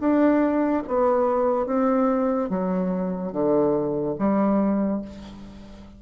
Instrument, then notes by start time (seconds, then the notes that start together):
bassoon
0.00 D4
0.87 B3
1.67 C4
2.50 F#3
3.32 D3
4.19 G3